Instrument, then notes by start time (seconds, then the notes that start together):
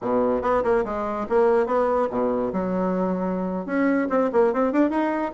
bassoon
0.01 B2
0.42 B3
0.63 A#3
0.84 G#3
1.29 A#3
1.66 B3
2.10 B2
2.53 F#3
3.66 C#4
4.09 C4
4.32 A#3
4.53 C4
4.72 D4
4.89 D#4